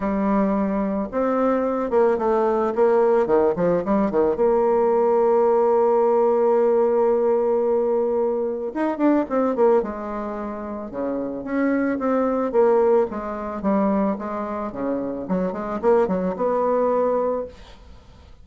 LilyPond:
\new Staff \with { instrumentName = "bassoon" } { \time 4/4 \tempo 4 = 110 g2 c'4. ais8 | a4 ais4 dis8 f8 g8 dis8 | ais1~ | ais1 |
dis'8 d'8 c'8 ais8 gis2 | cis4 cis'4 c'4 ais4 | gis4 g4 gis4 cis4 | fis8 gis8 ais8 fis8 b2 | }